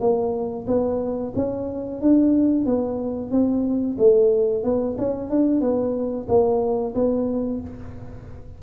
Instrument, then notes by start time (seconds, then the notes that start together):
tuba
0.00 A#3
0.67 B3
1.35 C#4
2.01 D4
2.66 B3
3.31 C4
3.98 A3
4.63 B3
4.98 C#4
5.30 D4
5.60 B3
6.28 A#3
6.94 B3